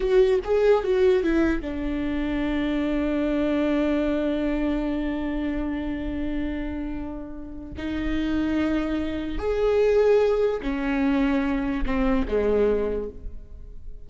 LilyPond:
\new Staff \with { instrumentName = "viola" } { \time 4/4 \tempo 4 = 147 fis'4 gis'4 fis'4 e'4 | d'1~ | d'1~ | d'1~ |
d'2. dis'4~ | dis'2. gis'4~ | gis'2 cis'2~ | cis'4 c'4 gis2 | }